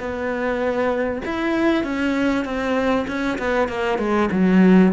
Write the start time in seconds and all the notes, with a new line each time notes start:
0.00 B3
1.26 E4
1.84 C#4
2.45 C4
3.08 C#4
3.39 B3
3.69 A#3
3.99 G#3
4.32 F#3